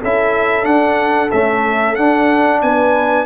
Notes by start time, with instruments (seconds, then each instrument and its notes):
0.00 tuba C#4, trombone E4, horn A4, trumpet E5
0.63 trombone D4, tuba D4, trumpet F#5
1.31 trombone A3, tuba C#4, trumpet E5
1.95 trombone D4, tuba D4, trumpet F#5
2.62 tuba B3, horn B4, trumpet G#5